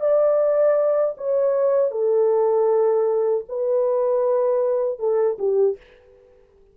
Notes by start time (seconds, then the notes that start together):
0.00 D5
1.17 C#5
1.91 A4
3.48 B4
4.99 A4
5.38 G4